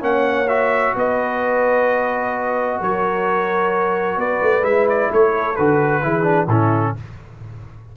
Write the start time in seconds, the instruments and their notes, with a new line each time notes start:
0.00 tuba A#3, trombone C#4, horn C#5, trumpet F#5
0.48 trombone F#4, trumpet E5
0.95 tuba B3, horn B4, trumpet D#5
2.80 tuba F#3, horn A#4, trumpet C#5
4.17 tuba B3, horn B4, trumpet D5
4.42 tuba A3
4.62 tuba G#3, trombone E4, trumpet E5
4.89 trumpet D5
5.10 tuba A3, horn A4, trumpet C#5
5.55 tuba D3, trombone F#4, trumpet B4
6.02 tuba E3, trombone E4, horn G#4
6.23 trombone D4
6.47 tuba A2, trombone C#4, horn E4, trumpet A4